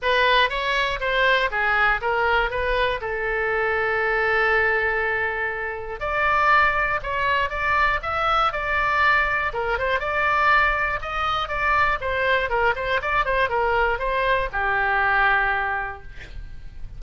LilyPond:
\new Staff \with { instrumentName = "oboe" } { \time 4/4 \tempo 4 = 120 b'4 cis''4 c''4 gis'4 | ais'4 b'4 a'2~ | a'1 | d''2 cis''4 d''4 |
e''4 d''2 ais'8 c''8 | d''2 dis''4 d''4 | c''4 ais'8 c''8 d''8 c''8 ais'4 | c''4 g'2. | }